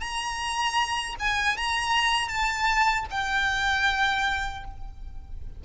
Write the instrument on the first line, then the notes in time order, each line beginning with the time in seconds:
violin
0.00 A#5
1.19 G#5
1.57 A#5
2.28 A5
3.10 G5